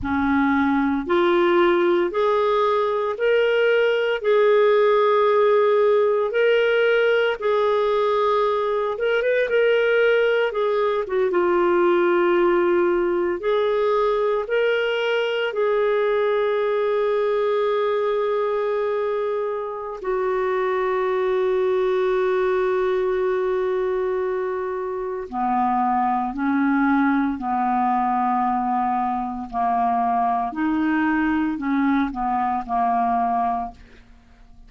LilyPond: \new Staff \with { instrumentName = "clarinet" } { \time 4/4 \tempo 4 = 57 cis'4 f'4 gis'4 ais'4 | gis'2 ais'4 gis'4~ | gis'8 ais'16 b'16 ais'4 gis'8 fis'16 f'4~ f'16~ | f'8. gis'4 ais'4 gis'4~ gis'16~ |
gis'2. fis'4~ | fis'1 | b4 cis'4 b2 | ais4 dis'4 cis'8 b8 ais4 | }